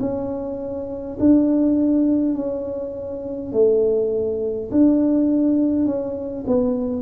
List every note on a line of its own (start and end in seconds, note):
0.00 1.18 C#4
1.19 2.35 D4
2.35 3.52 C#4
3.52 4.70 A3
4.71 5.86 D4
5.86 6.44 C#4
6.47 7.02 B3